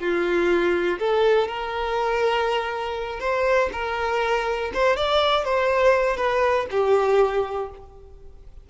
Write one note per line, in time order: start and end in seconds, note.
0.00 0.99 F4
1.00 1.48 A4
1.48 3.21 A#4
3.21 3.70 C5
3.73 4.72 A#4
4.74 4.97 C5
4.97 5.45 D5
5.45 6.17 C5
6.17 6.67 B4
6.71 7.70 G4